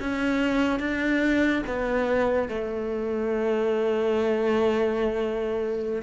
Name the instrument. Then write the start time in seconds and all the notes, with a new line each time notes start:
cello
0.00 C#4
0.80 D4
1.67 B3
2.49 A3